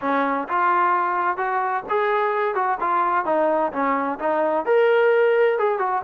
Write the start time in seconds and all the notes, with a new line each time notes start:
0.01 C#4
0.48 F4
1.37 F#4
1.89 G#4
2.54 F#4
2.80 F4
3.25 D#4
3.72 C#4
4.19 D#4
4.65 A#4
5.58 G#4
5.78 F#4